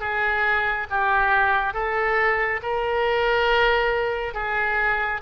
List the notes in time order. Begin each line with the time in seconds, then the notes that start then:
0.00 G#4
0.90 G4
1.74 A4
2.62 A#4
4.34 G#4